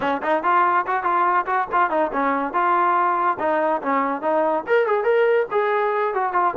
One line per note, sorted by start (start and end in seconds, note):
0.00 0.21 C#4
0.22 0.43 D#4
0.43 0.85 F4
0.86 1.03 F#4
1.03 1.45 F4
1.46 1.67 F#4
1.72 1.90 F4
1.90 2.11 D#4
2.12 2.53 C#4
2.53 3.37 F4
3.39 3.81 D#4
3.82 4.21 C#4
4.21 4.63 D#4
4.67 4.86 A#4
4.86 5.04 G#4
5.04 5.46 A#4
5.51 6.13 G#4
6.13 6.32 F#4
6.32 6.54 F4